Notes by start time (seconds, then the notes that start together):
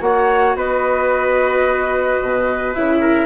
0.00 A#3 F#4 C#5 F#5
0.55 B3 B4 D#5
2.22 B2
2.74 C#3 E4 E5
3.00 A#4